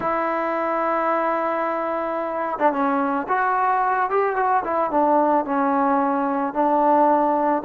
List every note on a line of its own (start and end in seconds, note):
0.00 2.59 E4
2.59 2.72 D4
2.72 3.26 C#4
3.28 4.10 F#4
4.10 4.35 G4
4.35 4.63 F#4
4.64 4.91 E4
4.91 5.45 D4
5.45 6.53 C#4
6.53 7.62 D4